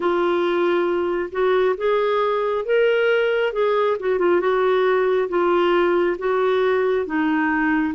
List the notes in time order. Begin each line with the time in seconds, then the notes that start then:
0.00 F4
1.31 F#4
1.76 G#4
2.65 A#4
3.53 G#4
3.99 F#4
4.18 F4
4.40 F#4
5.28 F4
6.18 F#4
7.05 D#4